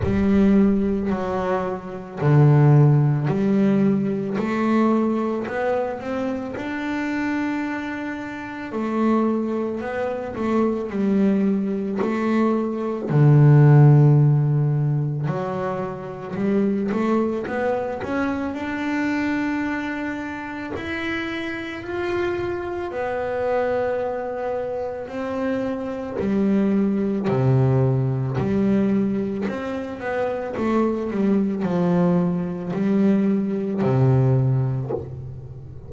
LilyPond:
\new Staff \with { instrumentName = "double bass" } { \time 4/4 \tempo 4 = 55 g4 fis4 d4 g4 | a4 b8 c'8 d'2 | a4 b8 a8 g4 a4 | d2 fis4 g8 a8 |
b8 cis'8 d'2 e'4 | f'4 b2 c'4 | g4 c4 g4 c'8 b8 | a8 g8 f4 g4 c4 | }